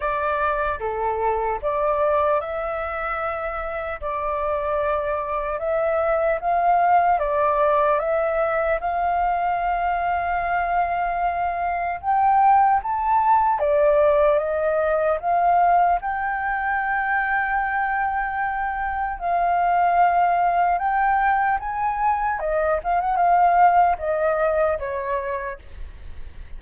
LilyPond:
\new Staff \with { instrumentName = "flute" } { \time 4/4 \tempo 4 = 75 d''4 a'4 d''4 e''4~ | e''4 d''2 e''4 | f''4 d''4 e''4 f''4~ | f''2. g''4 |
a''4 d''4 dis''4 f''4 | g''1 | f''2 g''4 gis''4 | dis''8 f''16 fis''16 f''4 dis''4 cis''4 | }